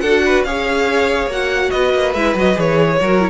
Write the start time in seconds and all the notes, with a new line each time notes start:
0.00 D4 A4 F#5
0.06 F#4
0.26 B4
0.44 C#4 G#4 C#5 F5
1.26 A#3 F#4 F#5
1.70 B3 B4 D#5
1.94 A#3
2.13 G#3 E4 E5
2.35 F#3 F#4 D#5
2.55 E3 G#4 C#5
3.00 F#3 F#4 A#4
3.20 E4